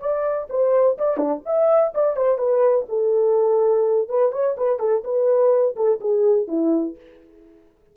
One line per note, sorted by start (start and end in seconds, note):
0.00 0.48 D5
0.50 0.98 C5
0.98 1.18 D5
1.18 1.42 D4
1.46 1.94 E5
1.95 2.17 D5
2.17 2.38 C5
2.38 2.86 B4
2.89 4.09 A4
4.09 4.32 B4
4.32 4.56 C#5
4.58 4.79 B4
4.79 5.03 A4
5.04 5.76 B4
5.76 6.00 A4
6.01 6.48 G#4
6.48 6.96 E4